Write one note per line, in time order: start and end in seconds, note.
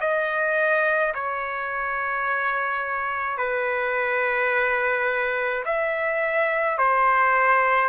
0.00 1.13 D#5
1.14 3.38 C#5
3.38 5.64 B4
5.65 6.78 E5
6.78 7.89 C5